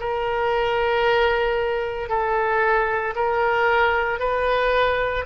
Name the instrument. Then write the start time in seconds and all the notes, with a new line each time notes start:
oboe
0.00 A#4
2.09 A4
3.16 A#4
4.20 B4